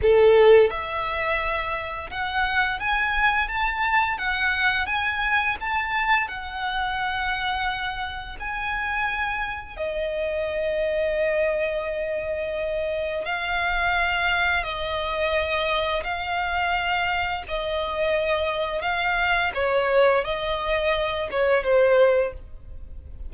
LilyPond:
\new Staff \with { instrumentName = "violin" } { \time 4/4 \tempo 4 = 86 a'4 e''2 fis''4 | gis''4 a''4 fis''4 gis''4 | a''4 fis''2. | gis''2 dis''2~ |
dis''2. f''4~ | f''4 dis''2 f''4~ | f''4 dis''2 f''4 | cis''4 dis''4. cis''8 c''4 | }